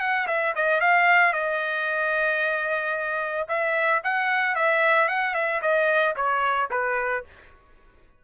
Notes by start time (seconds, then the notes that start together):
0.00 F#5
0.28 E5
0.56 D#5
0.81 F5
1.33 D#5
3.48 E5
4.04 F#5
4.56 E5
5.08 F#5
5.34 E5
5.62 D#5
6.16 C#5
6.71 B4